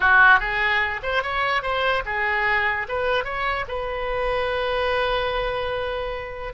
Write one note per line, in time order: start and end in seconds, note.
0.00 0.39 F#4
0.39 1.00 G#4
1.02 1.22 C5
1.22 1.62 C#5
1.62 2.03 C5
2.05 2.87 G#4
2.88 3.24 B4
3.24 3.65 C#5
3.68 6.53 B4